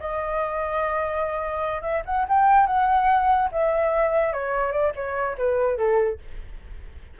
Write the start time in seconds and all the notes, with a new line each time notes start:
0.00 D#5
1.82 E5
2.06 F#5
2.29 G5
2.67 F#5
3.52 E5
4.34 C#5
4.72 D5
4.96 C#5
5.38 B4
5.78 A4